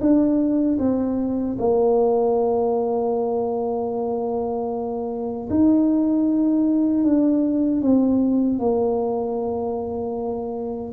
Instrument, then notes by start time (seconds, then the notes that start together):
tuba
0.00 D4
0.78 C4
1.59 A#3
5.50 D#4
7.03 D4
7.81 C4
8.59 A#3